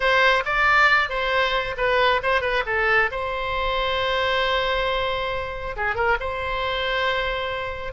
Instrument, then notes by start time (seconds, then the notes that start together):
oboe
0.00 C5
0.45 D5
1.09 C5
1.77 B4
2.23 C5
2.41 B4
2.66 A4
3.11 C5
5.76 G#4
5.95 A#4
6.19 C5